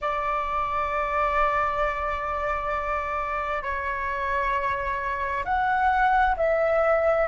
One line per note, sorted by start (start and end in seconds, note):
0.01 3.62 D5
3.62 5.44 C#5
5.44 6.35 F#5
6.36 7.27 E5